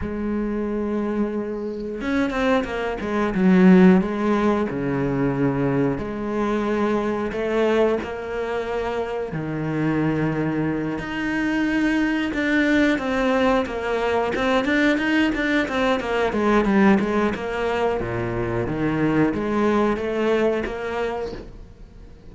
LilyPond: \new Staff \with { instrumentName = "cello" } { \time 4/4 \tempo 4 = 90 gis2. cis'8 c'8 | ais8 gis8 fis4 gis4 cis4~ | cis4 gis2 a4 | ais2 dis2~ |
dis8 dis'2 d'4 c'8~ | c'8 ais4 c'8 d'8 dis'8 d'8 c'8 | ais8 gis8 g8 gis8 ais4 ais,4 | dis4 gis4 a4 ais4 | }